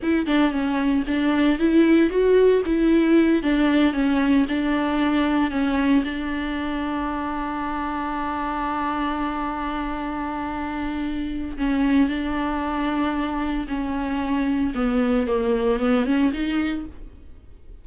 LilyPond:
\new Staff \with { instrumentName = "viola" } { \time 4/4 \tempo 4 = 114 e'8 d'8 cis'4 d'4 e'4 | fis'4 e'4. d'4 cis'8~ | cis'8 d'2 cis'4 d'8~ | d'1~ |
d'1~ | d'2 cis'4 d'4~ | d'2 cis'2 | b4 ais4 b8 cis'8 dis'4 | }